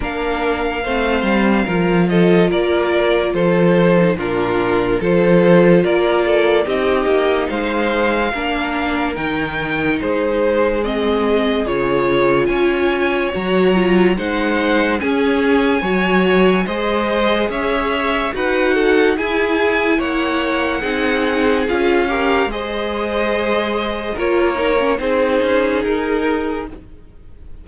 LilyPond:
<<
  \new Staff \with { instrumentName = "violin" } { \time 4/4 \tempo 4 = 72 f''2~ f''8 dis''8 d''4 | c''4 ais'4 c''4 d''4 | dis''4 f''2 g''4 | c''4 dis''4 cis''4 gis''4 |
ais''4 fis''4 gis''2 | dis''4 e''4 fis''4 gis''4 | fis''2 f''4 dis''4~ | dis''4 cis''4 c''4 ais'4 | }
  \new Staff \with { instrumentName = "violin" } { \time 4/4 ais'4 c''4 ais'8 a'8 ais'4 | a'4 f'4 a'4 ais'8 a'8 | g'4 c''4 ais'2 | gis'2. cis''4~ |
cis''4 c''4 gis'4 cis''4 | c''4 cis''4 b'8 a'8 gis'4 | cis''4 gis'4. ais'8 c''4~ | c''4 ais'4 gis'2 | }
  \new Staff \with { instrumentName = "viola" } { \time 4/4 d'4 c'4 f'2~ | f'8. dis'16 d'4 f'2 | dis'2 d'4 dis'4~ | dis'4 c'4 f'2 |
fis'8 f'8 dis'4 cis'4 fis'4 | gis'2 fis'4 e'4~ | e'4 dis'4 f'8 g'8 gis'4~ | gis'4 f'8 dis'16 cis'16 dis'2 | }
  \new Staff \with { instrumentName = "cello" } { \time 4/4 ais4 a8 g8 f4 ais4 | f4 ais,4 f4 ais4 | c'8 ais8 gis4 ais4 dis4 | gis2 cis4 cis'4 |
fis4 gis4 cis'4 fis4 | gis4 cis'4 dis'4 e'4 | ais4 c'4 cis'4 gis4~ | gis4 ais4 c'8 cis'8 dis'4 | }
>>